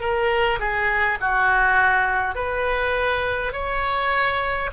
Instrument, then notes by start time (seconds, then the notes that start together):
oboe
0.00 A#4
0.59 G#4
1.20 F#4
2.35 B4
3.52 C#5